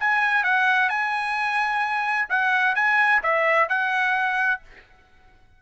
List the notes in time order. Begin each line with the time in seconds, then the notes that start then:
0.00 G#5
0.44 F#5
0.89 G#5
2.29 F#5
2.75 G#5
3.23 E5
3.68 F#5